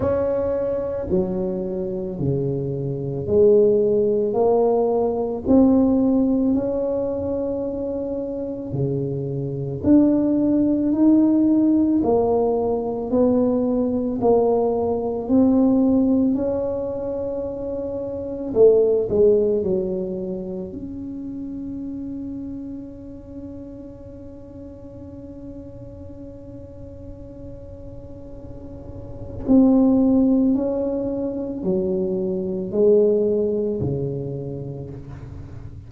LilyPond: \new Staff \with { instrumentName = "tuba" } { \time 4/4 \tempo 4 = 55 cis'4 fis4 cis4 gis4 | ais4 c'4 cis'2 | cis4 d'4 dis'4 ais4 | b4 ais4 c'4 cis'4~ |
cis'4 a8 gis8 fis4 cis'4~ | cis'1~ | cis'2. c'4 | cis'4 fis4 gis4 cis4 | }